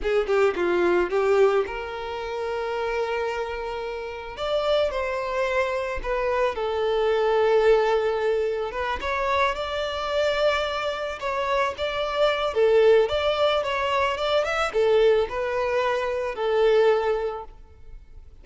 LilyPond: \new Staff \with { instrumentName = "violin" } { \time 4/4 \tempo 4 = 110 gis'8 g'8 f'4 g'4 ais'4~ | ais'1 | d''4 c''2 b'4 | a'1 |
b'8 cis''4 d''2~ d''8~ | d''8 cis''4 d''4. a'4 | d''4 cis''4 d''8 e''8 a'4 | b'2 a'2 | }